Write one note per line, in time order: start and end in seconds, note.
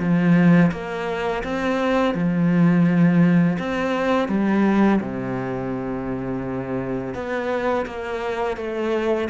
0.00 0.71 F3
0.72 1.43 A#3
1.44 2.15 C4
2.15 3.57 F3
3.59 4.29 C4
4.29 5.00 G3
5.01 7.14 C3
7.14 7.86 B3
7.86 8.57 A#3
8.57 9.29 A3